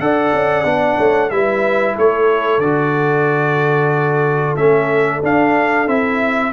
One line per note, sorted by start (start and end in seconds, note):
0.00 0.33 D4
0.00 0.65 A4
0.00 0.98 D5
0.00 1.31 F#5
0.34 0.65 C#4
0.65 0.98 B3
0.65 1.30 D4
0.98 1.32 A3
0.98 1.30 C#5
1.31 1.97 G3
1.31 2.63 E4
1.31 1.96 B4
1.31 1.96 E5
1.96 2.59 A3
1.96 6.52 A4
1.96 2.61 C#5
2.59 4.54 D3
2.59 4.58 F#4
2.59 4.56 D5
4.57 5.22 A3
4.57 5.23 C#4
4.57 5.22 E5
5.24 5.88 D4
5.24 5.89 F5
5.88 6.53 C4
5.88 6.53 E4
5.88 6.53 E5